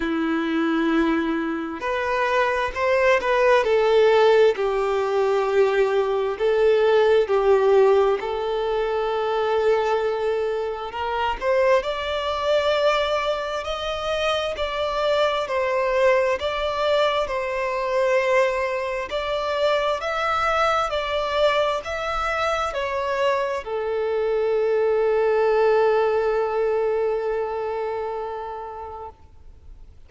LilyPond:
\new Staff \with { instrumentName = "violin" } { \time 4/4 \tempo 4 = 66 e'2 b'4 c''8 b'8 | a'4 g'2 a'4 | g'4 a'2. | ais'8 c''8 d''2 dis''4 |
d''4 c''4 d''4 c''4~ | c''4 d''4 e''4 d''4 | e''4 cis''4 a'2~ | a'1 | }